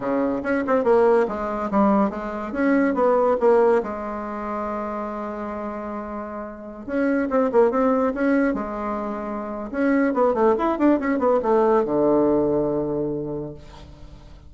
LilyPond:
\new Staff \with { instrumentName = "bassoon" } { \time 4/4 \tempo 4 = 142 cis4 cis'8 c'8 ais4 gis4 | g4 gis4 cis'4 b4 | ais4 gis2.~ | gis1~ |
gis16 cis'4 c'8 ais8 c'4 cis'8.~ | cis'16 gis2~ gis8. cis'4 | b8 a8 e'8 d'8 cis'8 b8 a4 | d1 | }